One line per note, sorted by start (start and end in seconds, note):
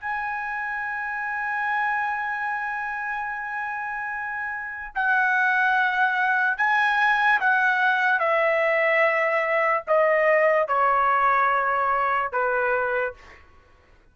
0.00 4.93 G#5
4.95 6.58 F#5
6.58 7.40 G#5
7.40 8.19 F#5
8.19 9.84 E5
9.87 10.68 D#5
10.68 12.32 C#5
12.32 13.14 B4